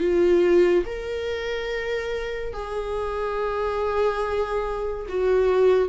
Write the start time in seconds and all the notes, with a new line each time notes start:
0.00 F4
0.85 A#4
2.53 G#4
5.09 F#4